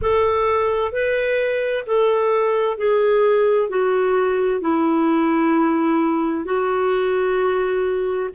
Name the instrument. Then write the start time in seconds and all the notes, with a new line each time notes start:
clarinet
0.01 A4
0.91 B4
1.86 A4
2.77 G#4
3.69 F#4
4.61 E4
6.44 F#4